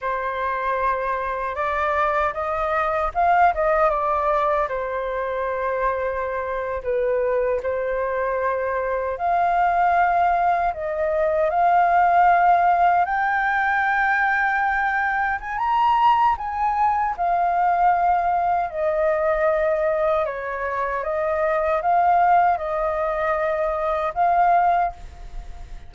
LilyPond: \new Staff \with { instrumentName = "flute" } { \time 4/4 \tempo 4 = 77 c''2 d''4 dis''4 | f''8 dis''8 d''4 c''2~ | c''8. b'4 c''2 f''16~ | f''4.~ f''16 dis''4 f''4~ f''16~ |
f''8. g''2. gis''16 | ais''4 gis''4 f''2 | dis''2 cis''4 dis''4 | f''4 dis''2 f''4 | }